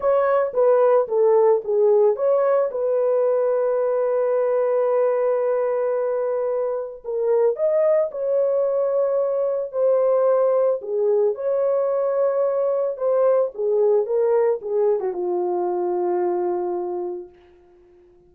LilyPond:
\new Staff \with { instrumentName = "horn" } { \time 4/4 \tempo 4 = 111 cis''4 b'4 a'4 gis'4 | cis''4 b'2.~ | b'1~ | b'4 ais'4 dis''4 cis''4~ |
cis''2 c''2 | gis'4 cis''2. | c''4 gis'4 ais'4 gis'8. fis'16 | f'1 | }